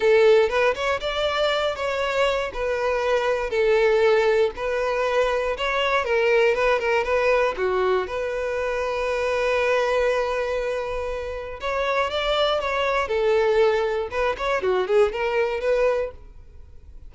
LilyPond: \new Staff \with { instrumentName = "violin" } { \time 4/4 \tempo 4 = 119 a'4 b'8 cis''8 d''4. cis''8~ | cis''4 b'2 a'4~ | a'4 b'2 cis''4 | ais'4 b'8 ais'8 b'4 fis'4 |
b'1~ | b'2. cis''4 | d''4 cis''4 a'2 | b'8 cis''8 fis'8 gis'8 ais'4 b'4 | }